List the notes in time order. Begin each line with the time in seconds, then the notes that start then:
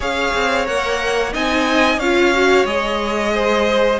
0.00 C#4 G#4 C#5 F5
0.34 C4
0.65 A#3 A#4 F#5
1.32 C4 D#4 D#5 G#5
1.97 C#4 F4 C#5 F5
2.33 F#4
2.65 G#3 G#4 D#5
3.33 C5